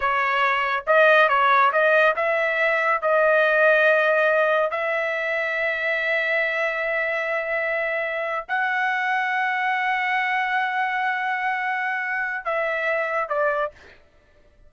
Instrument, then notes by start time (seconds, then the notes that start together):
trumpet
0.00 C#5
0.86 D#5
1.28 C#5
1.72 D#5
2.16 E5
3.01 D#5
4.70 E5
8.48 F#5
12.44 E5
13.28 D5